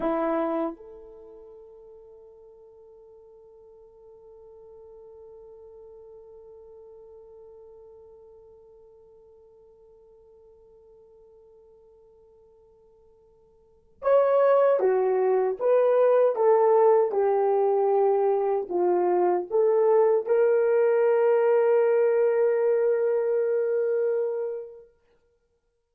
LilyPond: \new Staff \with { instrumentName = "horn" } { \time 4/4 \tempo 4 = 77 e'4 a'2.~ | a'1~ | a'1~ | a'1~ |
a'2 cis''4 fis'4 | b'4 a'4 g'2 | f'4 a'4 ais'2~ | ais'1 | }